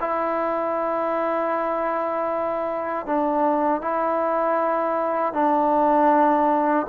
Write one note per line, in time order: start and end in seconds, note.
0.00 3.06 E4
3.06 3.81 D4
3.81 5.33 E4
5.33 6.87 D4